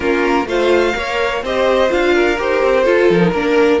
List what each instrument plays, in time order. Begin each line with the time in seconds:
0.00 cello A#3, viola C#4, violin F4 A#4
0.45 cello A3, viola F4, violin C5 F5
0.94 cello A#3, viola A#4, violin C#5
1.42 cello C4, viola G4, violin C5 D#5
1.88 cello D4, viola F4, violin F5
2.14 violin A#4
2.38 cello D#4, viola G4, violin C5
2.62 cello C4
2.83 viola F4, cello F4, violin A4
3.10 cello F3, violin A#4
3.19 viola D#4
3.31 cello A#3, viola D4, violin A#4